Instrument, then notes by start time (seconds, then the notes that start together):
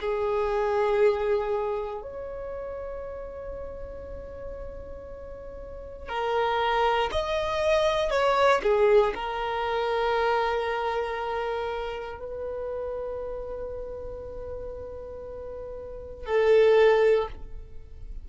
violin
0.00 G#4
2.02 C#5
6.09 A#4
7.12 D#5
8.11 C#5
8.63 G#4
9.15 A#4
12.19 B4
16.26 A4